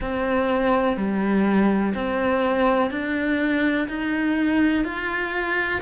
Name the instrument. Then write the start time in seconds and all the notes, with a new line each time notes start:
cello
0.00 C4
0.97 G3
1.94 C4
2.90 D4
3.88 D#4
4.84 F4